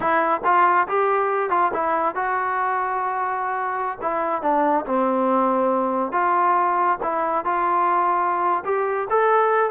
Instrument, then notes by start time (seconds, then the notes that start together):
trombone
0.00 E4
0.44 F4
0.88 G4
1.50 F4
1.73 E4
2.15 F#4
4.01 E4
4.41 D4
4.85 C4
6.12 F4
7.02 E4
7.44 F4
8.64 G4
9.10 A4